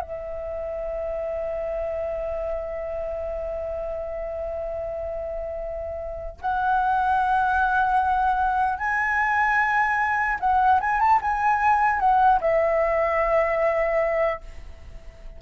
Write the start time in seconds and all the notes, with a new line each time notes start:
0.00 E5
6.41 F#5
8.78 G#5
10.40 F#5
10.80 G#5
11.00 A5
11.21 G#5
11.99 F#5
12.40 E5